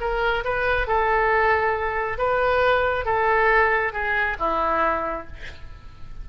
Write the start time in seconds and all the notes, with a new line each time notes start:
0.00 A#4
0.44 B4
0.87 A4
2.18 B4
3.05 A4
3.93 G#4
4.39 E4